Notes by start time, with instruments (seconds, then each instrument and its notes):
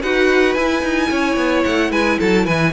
0.00 cello D#4, viola F#4, violin B4 F#5
0.54 cello E4, viola E4, violin G#5
0.82 cello D#4
1.10 cello C#4, violin C#5
1.36 cello B3
1.64 cello A3, violin F#5
1.90 cello G#3, violin B4 G#5
2.19 cello F#3, violin A4 A5
2.45 cello E3, violin B4 G#5